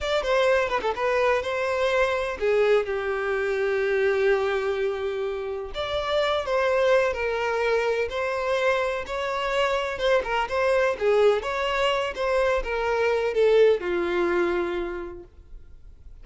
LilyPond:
\new Staff \with { instrumentName = "violin" } { \time 4/4 \tempo 4 = 126 d''8 c''4 b'16 a'16 b'4 c''4~ | c''4 gis'4 g'2~ | g'1 | d''4. c''4. ais'4~ |
ais'4 c''2 cis''4~ | cis''4 c''8 ais'8 c''4 gis'4 | cis''4. c''4 ais'4. | a'4 f'2. | }